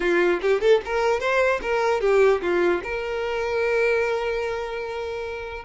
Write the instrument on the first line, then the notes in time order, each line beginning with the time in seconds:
violin
0.00 F4
0.41 G4
0.61 A4
0.85 A#4
1.20 C5
1.62 A#4
2.00 G4
2.41 F4
2.83 A#4